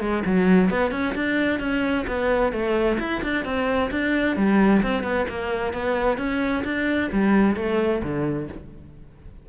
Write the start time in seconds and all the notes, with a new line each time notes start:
0.00 G#3
0.25 F#3
0.70 B3
0.91 C#4
1.15 D4
1.60 C#4
2.07 B3
2.52 A3
2.99 E4
3.23 D4
3.45 C4
3.91 D4
4.36 G3
4.82 C4
5.03 B3
5.29 A#3
5.73 B3
6.17 C#4
6.64 D4
7.12 G3
7.56 A3
8.03 D3